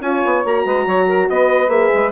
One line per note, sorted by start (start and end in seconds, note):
0.00 0.21 C#4
0.00 0.44 F4
0.00 0.65 C#5
0.00 0.44 G#5
0.25 0.44 B3
0.44 0.65 A#3
0.44 1.69 F#4
0.44 1.29 A#5
0.65 0.86 G#3
0.65 0.85 B4
0.85 1.29 F#3
0.85 1.07 C#5
1.07 1.28 A#4
1.29 1.68 B3
1.29 2.12 B4
1.29 1.69 D#5
1.68 1.89 A#3
1.68 2.11 G#4
1.68 2.12 E5
1.94 2.12 G#3